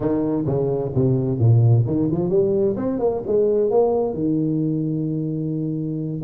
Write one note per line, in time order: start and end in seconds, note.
0.00 0.45 D#3
0.46 0.92 C#3
0.94 1.38 C3
1.38 1.84 A#2
1.86 2.09 D#3
2.11 2.29 F3
2.29 2.75 G3
2.76 2.99 C4
2.99 3.22 A#3
3.26 3.70 G#3
3.70 4.13 A#3
4.13 6.21 D#3